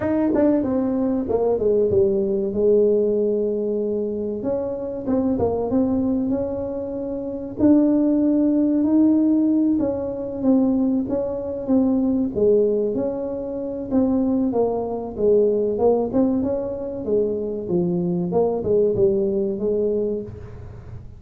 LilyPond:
\new Staff \with { instrumentName = "tuba" } { \time 4/4 \tempo 4 = 95 dis'8 d'8 c'4 ais8 gis8 g4 | gis2. cis'4 | c'8 ais8 c'4 cis'2 | d'2 dis'4. cis'8~ |
cis'8 c'4 cis'4 c'4 gis8~ | gis8 cis'4. c'4 ais4 | gis4 ais8 c'8 cis'4 gis4 | f4 ais8 gis8 g4 gis4 | }